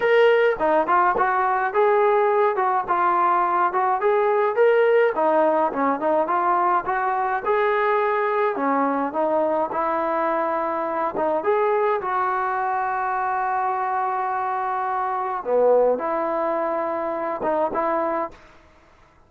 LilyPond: \new Staff \with { instrumentName = "trombone" } { \time 4/4 \tempo 4 = 105 ais'4 dis'8 f'8 fis'4 gis'4~ | gis'8 fis'8 f'4. fis'8 gis'4 | ais'4 dis'4 cis'8 dis'8 f'4 | fis'4 gis'2 cis'4 |
dis'4 e'2~ e'8 dis'8 | gis'4 fis'2.~ | fis'2. b4 | e'2~ e'8 dis'8 e'4 | }